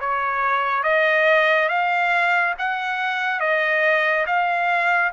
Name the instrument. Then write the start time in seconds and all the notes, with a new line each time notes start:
trumpet
0.00 C#5
0.83 D#5
1.69 F5
2.58 F#5
3.40 D#5
4.26 F5